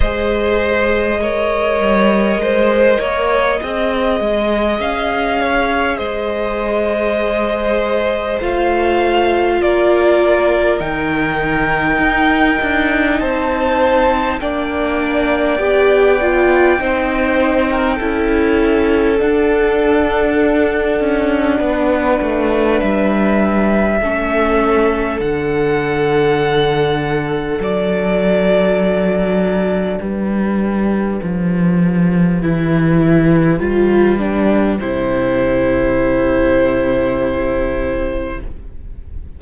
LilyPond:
<<
  \new Staff \with { instrumentName = "violin" } { \time 4/4 \tempo 4 = 50 dis''1 | f''4 dis''2 f''4 | d''4 g''2 a''4 | g''1 |
fis''2. e''4~ | e''4 fis''2 d''4~ | d''4 b'2.~ | b'4 c''2. | }
  \new Staff \with { instrumentName = "violin" } { \time 4/4 c''4 cis''4 c''8 cis''8 dis''4~ | dis''8 cis''8 c''2. | ais'2. c''4 | d''2 c''8. ais'16 a'4~ |
a'2 b'2 | a'1~ | a'4 g'2.~ | g'1 | }
  \new Staff \with { instrumentName = "viola" } { \time 4/4 gis'4 ais'2 gis'4~ | gis'2. f'4~ | f'4 dis'2. | d'4 g'8 f'8 dis'4 e'4 |
d'1 | cis'4 d'2.~ | d'2. e'4 | f'8 d'8 e'2. | }
  \new Staff \with { instrumentName = "cello" } { \time 4/4 gis4. g8 gis8 ais8 c'8 gis8 | cis'4 gis2 a4 | ais4 dis4 dis'8 d'8 c'4 | ais4 b4 c'4 cis'4 |
d'4. cis'8 b8 a8 g4 | a4 d2 fis4~ | fis4 g4 f4 e4 | g4 c2. | }
>>